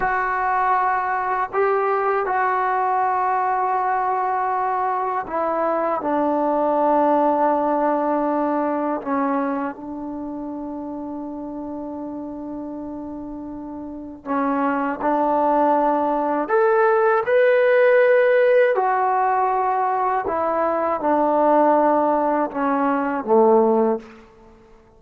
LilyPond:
\new Staff \with { instrumentName = "trombone" } { \time 4/4 \tempo 4 = 80 fis'2 g'4 fis'4~ | fis'2. e'4 | d'1 | cis'4 d'2.~ |
d'2. cis'4 | d'2 a'4 b'4~ | b'4 fis'2 e'4 | d'2 cis'4 a4 | }